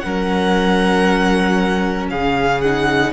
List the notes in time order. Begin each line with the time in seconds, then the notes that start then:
0.00 F#3 C#4 A#4 F#5
2.11 C#3 G#4 F5
2.62 D#4 F#5